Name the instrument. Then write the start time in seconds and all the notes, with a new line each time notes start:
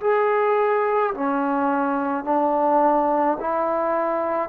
trombone
0.00 G#4
1.14 C#4
2.24 D4
3.40 E4